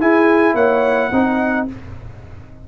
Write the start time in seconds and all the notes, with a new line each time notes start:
0.00 E4 G#4 G#5
0.54 A#3 C#5 F#5
1.11 C4 D#4 D#5